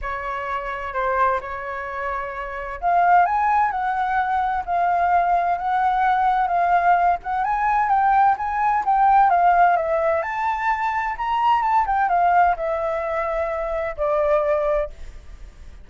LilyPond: \new Staff \with { instrumentName = "flute" } { \time 4/4 \tempo 4 = 129 cis''2 c''4 cis''4~ | cis''2 f''4 gis''4 | fis''2 f''2 | fis''2 f''4. fis''8 |
gis''4 g''4 gis''4 g''4 | f''4 e''4 a''2 | ais''4 a''8 g''8 f''4 e''4~ | e''2 d''2 | }